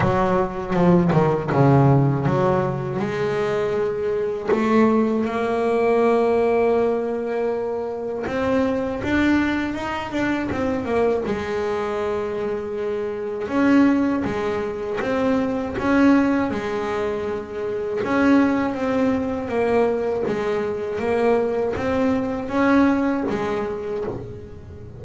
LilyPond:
\new Staff \with { instrumentName = "double bass" } { \time 4/4 \tempo 4 = 80 fis4 f8 dis8 cis4 fis4 | gis2 a4 ais4~ | ais2. c'4 | d'4 dis'8 d'8 c'8 ais8 gis4~ |
gis2 cis'4 gis4 | c'4 cis'4 gis2 | cis'4 c'4 ais4 gis4 | ais4 c'4 cis'4 gis4 | }